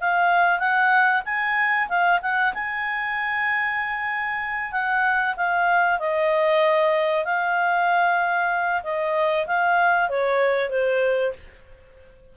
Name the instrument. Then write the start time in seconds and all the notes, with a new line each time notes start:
clarinet
0.00 F5
0.59 F#5
1.25 G#5
1.88 F5
2.22 F#5
2.54 G#5
4.72 F#5
5.36 F5
5.99 D#5
7.24 F5
8.83 D#5
9.47 F5
10.09 C#5
10.69 C5